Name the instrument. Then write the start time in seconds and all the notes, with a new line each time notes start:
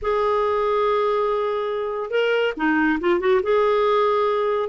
clarinet
0.02 G#4
2.10 A#4
2.56 D#4
3.00 F4
3.20 F#4
3.43 G#4